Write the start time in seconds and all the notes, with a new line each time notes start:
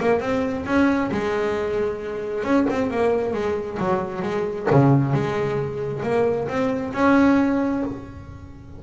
0.00 A#3
0.20 C4
0.66 C#4
1.11 G#3
2.44 C#4
2.69 C4
2.90 A#3
3.33 G#3
3.79 F#3
4.22 G#3
4.71 C#3
5.14 G#3
6.03 A#3
6.48 C4
6.93 C#4